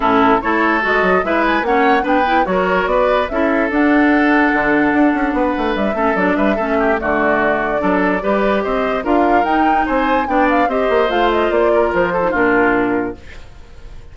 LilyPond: <<
  \new Staff \with { instrumentName = "flute" } { \time 4/4 \tempo 4 = 146 a'4 cis''4 dis''4 e''8 gis''8 | fis''4 g''4 cis''4 d''4 | e''4 fis''2.~ | fis''2 e''4 d''8 e''8~ |
e''4 d''2.~ | d''4 dis''4 f''4 g''4 | gis''4 g''8 f''8 dis''4 f''8 dis''8 | d''4 c''4 ais'2 | }
  \new Staff \with { instrumentName = "oboe" } { \time 4/4 e'4 a'2 b'4 | cis''4 b'4 ais'4 b'4 | a'1~ | a'4 b'4. a'4 b'8 |
a'8 g'8 fis'2 a'4 | b'4 c''4 ais'2 | c''4 d''4 c''2~ | c''8 ais'4 a'8 f'2 | }
  \new Staff \with { instrumentName = "clarinet" } { \time 4/4 cis'4 e'4 fis'4 e'4 | cis'4 d'8 e'8 fis'2 | e'4 d'2.~ | d'2~ d'8 cis'8 d'4 |
cis'4 a2 d'4 | g'2 f'4 dis'4~ | dis'4 d'4 g'4 f'4~ | f'4.~ f'16 dis'16 d'2 | }
  \new Staff \with { instrumentName = "bassoon" } { \time 4/4 a,4 a4 gis8 fis8 gis4 | ais4 b4 fis4 b4 | cis'4 d'2 d4 | d'8 cis'8 b8 a8 g8 a8 fis8 g8 |
a4 d2 fis4 | g4 c'4 d'4 dis'4 | c'4 b4 c'8 ais8 a4 | ais4 f4 ais,2 | }
>>